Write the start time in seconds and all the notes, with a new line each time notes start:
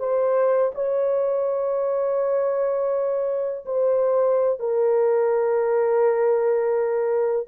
0.00 C5
0.75 C#5
3.66 C5
4.60 A#4